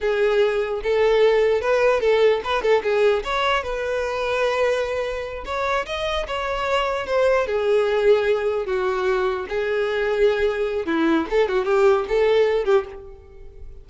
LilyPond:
\new Staff \with { instrumentName = "violin" } { \time 4/4 \tempo 4 = 149 gis'2 a'2 | b'4 a'4 b'8 a'8 gis'4 | cis''4 b'2.~ | b'4. cis''4 dis''4 cis''8~ |
cis''4. c''4 gis'4.~ | gis'4. fis'2 gis'8~ | gis'2. e'4 | a'8 fis'8 g'4 a'4. g'8 | }